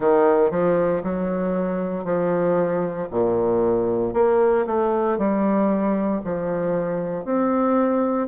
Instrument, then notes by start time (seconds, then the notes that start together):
bassoon
0.00 D#3
0.50 F3
1.03 F#3
2.04 F3
3.10 A#2
4.13 A#3
4.66 A3
5.17 G3
6.24 F3
7.24 C4